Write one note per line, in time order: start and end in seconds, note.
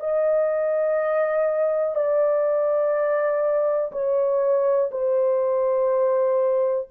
0.00 1.95 D#5
1.95 3.92 D5
3.92 4.90 C#5
4.91 6.88 C5